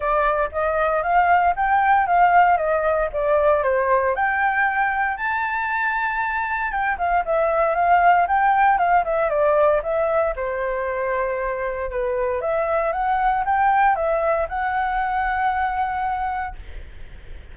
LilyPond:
\new Staff \with { instrumentName = "flute" } { \time 4/4 \tempo 4 = 116 d''4 dis''4 f''4 g''4 | f''4 dis''4 d''4 c''4 | g''2 a''2~ | a''4 g''8 f''8 e''4 f''4 |
g''4 f''8 e''8 d''4 e''4 | c''2. b'4 | e''4 fis''4 g''4 e''4 | fis''1 | }